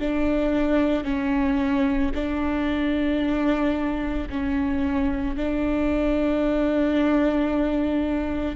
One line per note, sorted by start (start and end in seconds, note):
0.00 1.04 D4
1.04 2.11 C#4
2.14 4.29 D4
4.30 5.37 C#4
5.37 8.56 D4